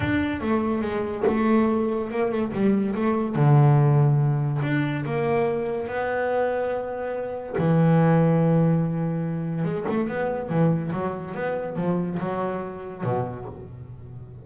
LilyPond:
\new Staff \with { instrumentName = "double bass" } { \time 4/4 \tempo 4 = 143 d'4 a4 gis4 a4~ | a4 ais8 a8 g4 a4 | d2. d'4 | ais2 b2~ |
b2 e2~ | e2. gis8 a8 | b4 e4 fis4 b4 | f4 fis2 b,4 | }